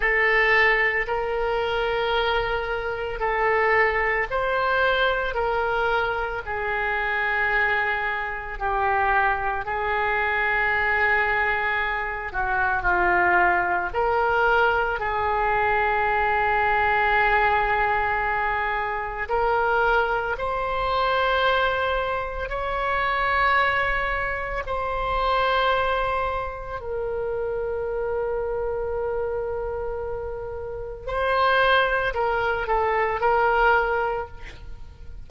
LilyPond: \new Staff \with { instrumentName = "oboe" } { \time 4/4 \tempo 4 = 56 a'4 ais'2 a'4 | c''4 ais'4 gis'2 | g'4 gis'2~ gis'8 fis'8 | f'4 ais'4 gis'2~ |
gis'2 ais'4 c''4~ | c''4 cis''2 c''4~ | c''4 ais'2.~ | ais'4 c''4 ais'8 a'8 ais'4 | }